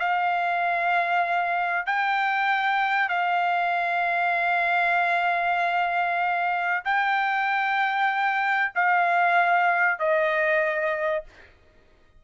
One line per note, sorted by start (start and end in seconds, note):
0.00 1.87 F5
1.87 3.09 G5
3.09 6.84 F5
6.85 8.73 G5
8.76 9.99 F5
9.99 11.24 D#5